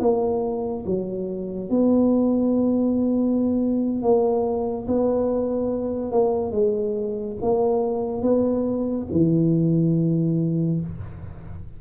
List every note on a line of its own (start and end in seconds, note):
0.00 0.85 A#3
0.86 1.70 F#3
1.70 4.02 B3
4.03 4.87 A#3
4.88 6.12 B3
6.12 6.52 A#3
6.52 7.36 G#3
7.42 8.22 A#3
8.22 9.07 B3
9.12 10.81 E3